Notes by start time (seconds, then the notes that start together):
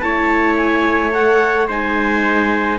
0.00 A3 E4 C#5 A5
0.56 G#5
1.12 A4 F#5
1.68 G#3 D#4 C5 G#5